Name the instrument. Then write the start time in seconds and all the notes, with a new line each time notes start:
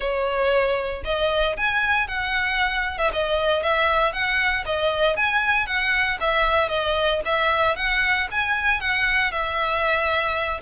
violin
0.00 C#5
1.04 D#5
1.57 G#5
2.07 F#5
2.97 E5
3.12 D#5
3.63 E5
4.12 F#5
4.65 D#5
5.16 G#5
5.66 F#5
6.20 E5
6.69 D#5
7.25 E5
7.76 F#5
8.31 G#5
8.80 F#5
9.31 E5